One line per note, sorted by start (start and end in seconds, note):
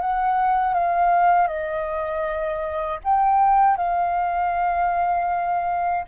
0.00 0.74 F#5
0.74 1.47 F5
1.47 2.99 D#5
3.04 3.77 G5
3.77 6.05 F5